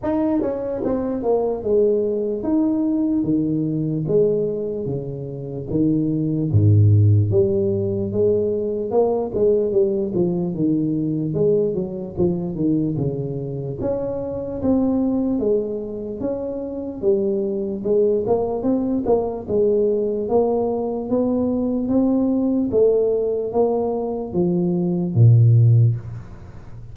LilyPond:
\new Staff \with { instrumentName = "tuba" } { \time 4/4 \tempo 4 = 74 dis'8 cis'8 c'8 ais8 gis4 dis'4 | dis4 gis4 cis4 dis4 | gis,4 g4 gis4 ais8 gis8 | g8 f8 dis4 gis8 fis8 f8 dis8 |
cis4 cis'4 c'4 gis4 | cis'4 g4 gis8 ais8 c'8 ais8 | gis4 ais4 b4 c'4 | a4 ais4 f4 ais,4 | }